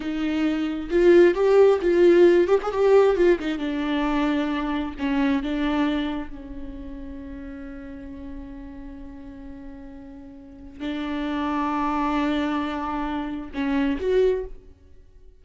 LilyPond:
\new Staff \with { instrumentName = "viola" } { \time 4/4 \tempo 4 = 133 dis'2 f'4 g'4 | f'4. g'16 gis'16 g'4 f'8 dis'8 | d'2. cis'4 | d'2 cis'2~ |
cis'1~ | cis'1 | d'1~ | d'2 cis'4 fis'4 | }